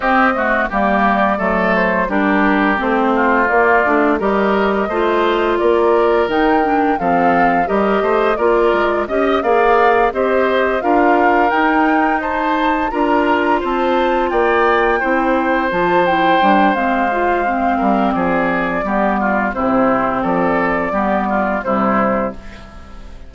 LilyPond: <<
  \new Staff \with { instrumentName = "flute" } { \time 4/4 \tempo 4 = 86 dis''4 d''4. c''8 ais'4 | c''4 d''4 dis''2 | d''4 g''4 f''4 dis''4 | d''4 dis''8 f''4 dis''4 f''8~ |
f''8 g''4 a''4 ais''4 a''8~ | a''8 g''2 a''8 g''4 | f''2 d''2 | c''4 d''2 c''4 | }
  \new Staff \with { instrumentName = "oboe" } { \time 4/4 g'8 fis'8 g'4 a'4 g'4~ | g'8 f'4. ais'4 c''4 | ais'2 a'4 ais'8 c''8 | ais'4 dis''8 d''4 c''4 ais'8~ |
ais'4. c''4 ais'4 c''8~ | c''8 d''4 c''2~ c''8~ | c''4. ais'8 gis'4 g'8 f'8 | e'4 a'4 g'8 f'8 e'4 | }
  \new Staff \with { instrumentName = "clarinet" } { \time 4/4 c'8 a8 ais4 a4 d'4 | c'4 ais8 d'8 g'4 f'4~ | f'4 dis'8 d'8 c'4 g'4 | f'4 g'8 gis'4 g'4 f'8~ |
f'8 dis'2 f'4.~ | f'4. e'4 f'8 e'8 d'8 | c'8 f'8 c'2 b4 | c'2 b4 g4 | }
  \new Staff \with { instrumentName = "bassoon" } { \time 4/4 c'4 g4 fis4 g4 | a4 ais8 a8 g4 a4 | ais4 dis4 f4 g8 a8 | ais8 gis8 cis'8 ais4 c'4 d'8~ |
d'8 dis'2 d'4 c'8~ | c'8 ais4 c'4 f4 g8 | gis4. g8 f4 g4 | c4 f4 g4 c4 | }
>>